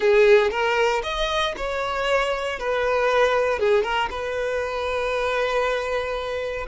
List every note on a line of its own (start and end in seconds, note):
0.00 0.50 G#4
0.50 1.01 A#4
1.03 1.54 D#5
1.56 2.59 C#5
2.59 3.59 B4
3.59 3.83 G#4
3.83 4.08 A#4
4.10 6.66 B4